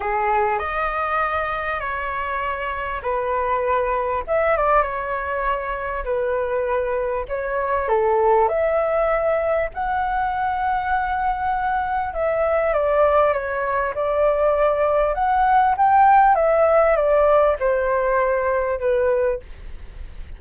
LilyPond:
\new Staff \with { instrumentName = "flute" } { \time 4/4 \tempo 4 = 99 gis'4 dis''2 cis''4~ | cis''4 b'2 e''8 d''8 | cis''2 b'2 | cis''4 a'4 e''2 |
fis''1 | e''4 d''4 cis''4 d''4~ | d''4 fis''4 g''4 e''4 | d''4 c''2 b'4 | }